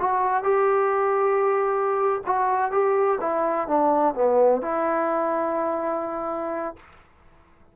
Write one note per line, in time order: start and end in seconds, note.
0.00 0.44 F#4
0.44 2.22 G4
2.26 2.72 F#4
2.72 3.19 G4
3.21 3.68 E4
3.68 4.15 D4
4.15 4.62 B3
4.62 6.76 E4